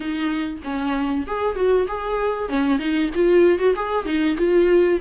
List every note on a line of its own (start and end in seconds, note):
0.00 0.59 D#4
0.64 1.26 C#4
1.26 1.55 G#4
1.55 1.87 F#4
1.87 2.48 G#4
2.48 2.78 C#4
2.78 3.10 D#4
3.14 3.59 F4
3.59 3.74 F#4
3.75 4.05 G#4
4.05 4.37 D#4
4.37 4.99 F4